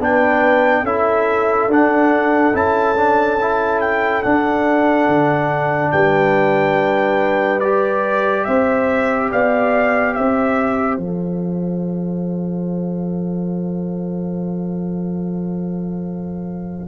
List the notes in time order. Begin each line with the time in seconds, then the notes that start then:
0.00 B3 D4 B4 G5
0.84 C#4 E4 A4 E5
1.68 D4 F#5
2.54 C#4 E4 A5
2.96 D4
3.41 E4
3.81 G5
4.23 D4 F#5
5.08 D3
5.92 G3 B4 G5
7.60 G4 D5
8.45 C4 C5 E5
9.32 B3 D5 F5
10.14 C4 C5 E5
10.98 F3 A4 F5